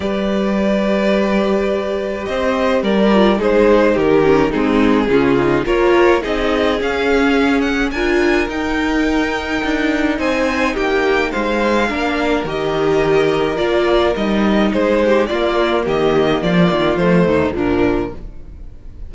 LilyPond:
<<
  \new Staff \with { instrumentName = "violin" } { \time 4/4 \tempo 4 = 106 d''1 | dis''4 d''4 c''4 ais'4 | gis'2 cis''4 dis''4 | f''4. fis''8 gis''4 g''4~ |
g''2 gis''4 g''4 | f''2 dis''2 | d''4 dis''4 c''4 d''4 | dis''4 d''4 c''4 ais'4 | }
  \new Staff \with { instrumentName = "violin" } { \time 4/4 b'1 | c''4 ais'4 gis'4 g'4 | dis'4 f'4 ais'4 gis'4~ | gis'2 ais'2~ |
ais'2 c''4 g'4 | c''4 ais'2.~ | ais'2 gis'8 g'8 f'4 | g'4 f'4. dis'8 d'4 | }
  \new Staff \with { instrumentName = "viola" } { \time 4/4 g'1~ | g'4. f'8 dis'4. cis'8 | c'4 cis'8 dis'8 f'4 dis'4 | cis'2 f'4 dis'4~ |
dis'1~ | dis'4 d'4 g'2 | f'4 dis'2 ais4~ | ais2 a4 f4 | }
  \new Staff \with { instrumentName = "cello" } { \time 4/4 g1 | c'4 g4 gis4 dis4 | gis4 cis4 ais4 c'4 | cis'2 d'4 dis'4~ |
dis'4 d'4 c'4 ais4 | gis4 ais4 dis2 | ais4 g4 gis4 ais4 | dis4 f8 dis8 f8 dis,8 ais,4 | }
>>